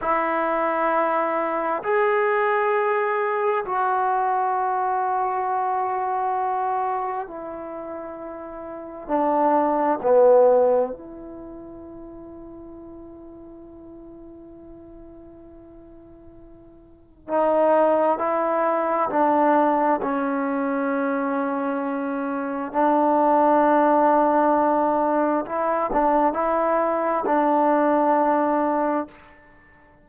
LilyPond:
\new Staff \with { instrumentName = "trombone" } { \time 4/4 \tempo 4 = 66 e'2 gis'2 | fis'1 | e'2 d'4 b4 | e'1~ |
e'2. dis'4 | e'4 d'4 cis'2~ | cis'4 d'2. | e'8 d'8 e'4 d'2 | }